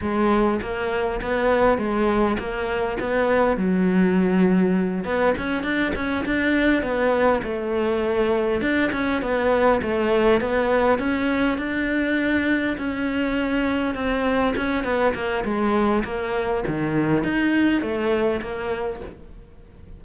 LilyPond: \new Staff \with { instrumentName = "cello" } { \time 4/4 \tempo 4 = 101 gis4 ais4 b4 gis4 | ais4 b4 fis2~ | fis8 b8 cis'8 d'8 cis'8 d'4 b8~ | b8 a2 d'8 cis'8 b8~ |
b8 a4 b4 cis'4 d'8~ | d'4. cis'2 c'8~ | c'8 cis'8 b8 ais8 gis4 ais4 | dis4 dis'4 a4 ais4 | }